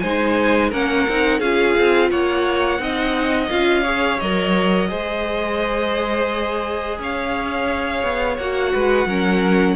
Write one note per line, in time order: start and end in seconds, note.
0.00 0.72 G#3
0.00 0.72 D#4
0.00 0.70 C5
0.00 0.70 G#5
0.70 1.07 A#3
0.70 1.07 C#4
0.70 1.40 A#4
0.70 1.40 F#5
1.09 1.40 C4
1.09 1.42 D#4
1.40 1.75 C#4
1.40 2.80 F4
1.40 2.09 G#4
1.40 2.10 F5
1.79 2.11 C4
2.11 2.79 A#3
2.11 2.81 C#5
2.11 3.50 F#5
2.79 3.49 C4
2.79 3.49 D#4
2.79 3.83 D#5
3.50 4.21 C#4
3.50 3.84 F4
3.50 4.20 F5
3.83 4.19 G#4
3.83 4.88 C#5
4.20 4.91 F#3
4.20 4.89 A#4
4.20 6.99 D#5
4.89 6.99 G#3
4.89 8.38 G#4
4.89 6.99 C5
6.99 8.03 C#4
6.99 8.74 C#5
6.99 8.38 F5
8.03 8.38 B3
8.38 8.73 A#3
8.38 9.08 F#4
8.38 9.76 F#5
8.74 9.06 G#3
8.74 9.08 B4
9.06 9.76 F#3
9.06 9.76 C#4
9.06 9.76 A#4